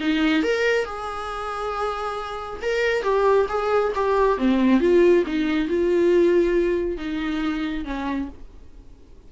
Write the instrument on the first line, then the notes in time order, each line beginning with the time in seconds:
viola
0.00 D#4
0.43 A#4
0.85 G#4
2.61 A#4
3.02 G4
3.48 G#4
3.95 G4
4.37 C4
4.80 F4
5.26 D#4
5.68 F4
6.97 D#4
7.84 C#4